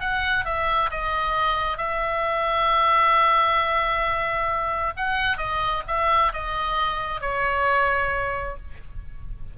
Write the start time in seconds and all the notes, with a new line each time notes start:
0.00 F#5
0.45 E5
0.91 D#5
1.78 E5
4.97 F#5
5.37 D#5
5.87 E5
6.33 D#5
7.21 C#5